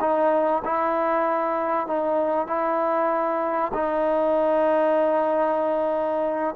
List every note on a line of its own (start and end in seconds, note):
0.00 0.62 D#4
0.64 1.87 E4
1.87 2.47 D#4
2.47 3.72 E4
3.74 6.55 D#4